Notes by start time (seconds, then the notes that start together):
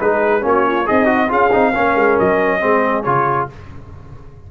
0.00 G#3 D#4 G#4 B4
0.41 A#3 C#4 F#4
0.47 C#5
0.67 F4
0.86 C4 D#4 G#4 D#5
1.06 F#4
1.28 C#4 F4 G#4 F5
1.52 C4 D#4
1.72 A#3 C#4 A#4
1.95 G#3
2.19 F#3 D#5
2.60 G#3 C4 G#4
3.03 C#3 F4 C#5